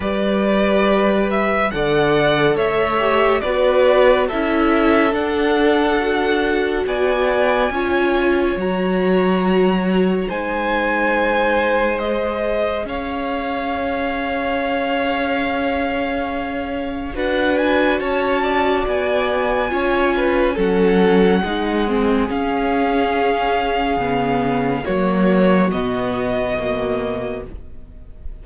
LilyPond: <<
  \new Staff \with { instrumentName = "violin" } { \time 4/4 \tempo 4 = 70 d''4. e''8 fis''4 e''4 | d''4 e''4 fis''2 | gis''2 ais''2 | gis''2 dis''4 f''4~ |
f''1 | fis''8 gis''8 a''4 gis''2 | fis''2 f''2~ | f''4 cis''4 dis''2 | }
  \new Staff \with { instrumentName = "violin" } { \time 4/4 b'2 d''4 cis''4 | b'4 a'2. | d''4 cis''2. | c''2. cis''4~ |
cis''1 | b'4 cis''8 d''4. cis''8 b'8 | a'4 gis'2.~ | gis'4 fis'2. | }
  \new Staff \with { instrumentName = "viola" } { \time 4/4 g'2 a'4. g'8 | fis'4 e'4 d'4 fis'4~ | fis'4 f'4 fis'2 | dis'2 gis'2~ |
gis'1 | fis'2. f'4 | cis'4 dis'8 c'8 cis'2 | b4 ais4 b4 ais4 | }
  \new Staff \with { instrumentName = "cello" } { \time 4/4 g2 d4 a4 | b4 cis'4 d'2 | b4 cis'4 fis2 | gis2. cis'4~ |
cis'1 | d'4 cis'4 b4 cis'4 | fis4 gis4 cis'2 | cis4 fis4 b,2 | }
>>